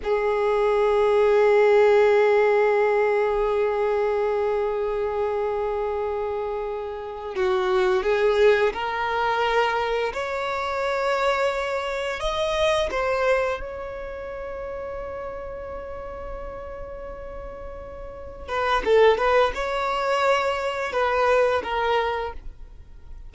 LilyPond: \new Staff \with { instrumentName = "violin" } { \time 4/4 \tempo 4 = 86 gis'1~ | gis'1~ | gis'2~ gis'8 fis'4 gis'8~ | gis'8 ais'2 cis''4.~ |
cis''4. dis''4 c''4 cis''8~ | cis''1~ | cis''2~ cis''8 b'8 a'8 b'8 | cis''2 b'4 ais'4 | }